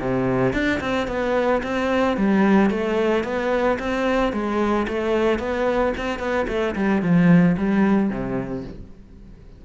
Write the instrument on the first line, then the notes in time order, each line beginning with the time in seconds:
cello
0.00 C3
0.53 D4
0.80 C4
1.07 B3
1.63 C4
2.16 G3
2.70 A3
3.23 B3
3.79 C4
4.32 G#3
4.88 A3
5.39 B3
5.97 C4
6.19 B3
6.47 A3
6.75 G3
7.02 F3
7.57 G3
8.09 C3